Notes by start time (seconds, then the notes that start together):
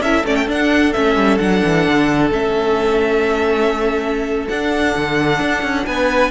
0.00 C#4 E4 A4 E5
0.25 A3 C#4 D5
0.36 G5
0.47 D4 F#5
0.93 A3 C#4 E5
1.16 G3
1.38 F#3 D4 F#5
1.64 E3
1.87 D3
2.31 A3 C#4 E5
4.48 D4 F#5
4.96 D3
5.40 D4
5.63 C#4
5.86 B3 B4 G#5